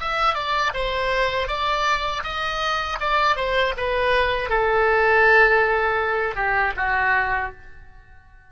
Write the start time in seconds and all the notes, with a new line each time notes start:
0.00 E5
0.34 D5
0.74 C5
1.48 D5
2.23 D#5
3.00 D5
3.36 C5
3.77 B4
4.49 A4
6.35 G4
6.76 F#4